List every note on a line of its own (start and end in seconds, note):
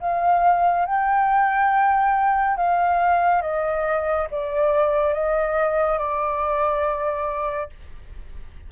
0.00 0.86 F5
0.86 2.57 G5
2.57 3.42 F5
3.42 4.28 D#5
4.31 5.14 D5
5.14 5.98 D#5
5.98 7.70 D5